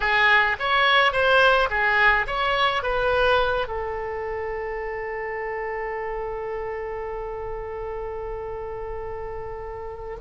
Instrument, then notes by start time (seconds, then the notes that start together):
oboe
0.00 G#4
0.59 C#5
1.12 C5
1.70 G#4
2.26 C#5
2.83 B4
3.67 A4